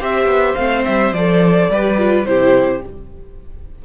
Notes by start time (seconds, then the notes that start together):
0.00 C4 G4 C5 E5
0.26 B3
0.55 A3 C4 F5
0.85 G3 E5
1.12 F3 A4 D5
1.69 G3 G4 B4
1.98 F4
2.25 C3 E4 G4 C5